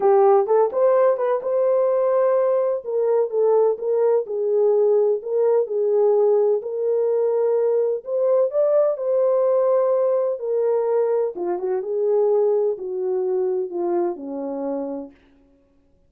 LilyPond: \new Staff \with { instrumentName = "horn" } { \time 4/4 \tempo 4 = 127 g'4 a'8 c''4 b'8 c''4~ | c''2 ais'4 a'4 | ais'4 gis'2 ais'4 | gis'2 ais'2~ |
ais'4 c''4 d''4 c''4~ | c''2 ais'2 | f'8 fis'8 gis'2 fis'4~ | fis'4 f'4 cis'2 | }